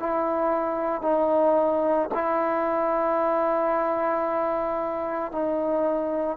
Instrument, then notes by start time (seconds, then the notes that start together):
trombone
0.00 E4
1.02 D#4
2.14 E4
5.32 D#4